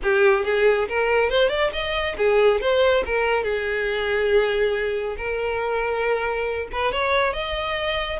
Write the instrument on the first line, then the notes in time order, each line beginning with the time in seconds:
violin
0.02 G4
0.44 G#4
0.88 A#4
1.29 C5
1.49 D5
1.72 D#5
2.17 G#4
2.60 C5
3.05 A#4
3.43 G#4
5.17 A#4
6.72 B4
6.91 C#5
7.33 D#5